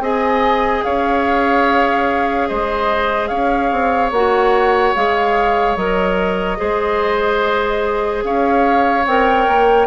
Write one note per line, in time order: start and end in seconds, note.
0.00 0.82 C4
0.00 4.13 G#4
0.00 0.85 D#5
0.00 0.84 G#5
0.84 2.50 C#4
0.84 2.49 C#5
0.84 2.48 F5
2.48 3.31 G#3
2.48 3.29 C5
2.48 3.28 D#5
3.28 3.72 C#4
3.28 6.58 C#5
3.28 4.10 F5
3.72 4.11 C4
4.11 4.94 A#3
4.11 4.95 F#4
4.11 4.95 F#5
4.95 5.77 G#3
4.95 5.77 G#4
4.95 5.77 F5
5.77 6.59 F#3
5.77 6.57 A#4
5.77 8.23 D#5
6.57 8.24 G#3
6.57 9.04 G#4
6.57 8.24 C5
8.24 9.06 C#4
8.24 9.87 C#5
8.24 9.06 F5
9.06 9.47 C4
9.06 9.87 A#4
9.06 9.87 G5
9.48 9.87 A#3